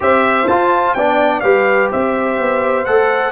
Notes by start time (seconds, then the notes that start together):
0.00 C4 G4 C5 E5
0.47 F4 A5
0.94 B3 D4 D5 G5
1.40 G3 G4 B4 F5
1.91 C4 C5 E5
2.39 B3
2.85 A3 A4 F#5